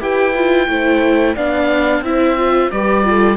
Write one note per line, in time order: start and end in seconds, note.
0.00 0.68 E4
0.00 0.34 G4
0.00 0.69 B4
0.00 1.37 G5
0.35 0.69 F4
0.69 1.36 A3
0.69 1.36 E4
0.69 1.36 C5
1.36 2.01 B3
1.36 2.04 D4
1.36 2.03 D5
1.36 2.04 F5
2.01 2.68 C4
2.01 2.37 E4
2.01 2.73 C5
2.01 2.71 E5
2.37 2.71 F4
2.71 3.37 G3
2.71 3.04 G4
2.71 3.06 B4
2.71 3.37 D5
3.04 3.37 F4
3.04 3.37 A4